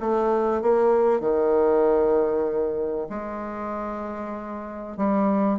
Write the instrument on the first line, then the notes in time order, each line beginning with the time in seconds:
bassoon
0.00 A3
0.62 A#3
1.20 D#3
3.09 G#3
4.97 G3